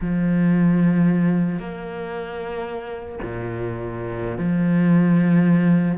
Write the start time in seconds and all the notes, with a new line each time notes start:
0.00 F3
1.59 A#3
3.22 A#2
4.38 F3